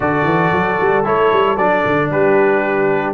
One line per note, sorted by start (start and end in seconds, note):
0.00 0.24 D3
0.00 1.04 F#4
0.00 2.11 A4
0.00 1.05 D5
0.24 0.50 E3
0.52 0.79 F#3
0.80 1.05 G3
1.04 1.31 A3
1.04 1.57 E4
1.04 1.57 C#5
1.32 1.57 G3
1.57 1.83 F#3
1.57 3.14 D4
1.57 2.09 D5
1.85 2.10 D3
2.10 3.14 G3
2.10 3.14 G4
2.10 3.14 B4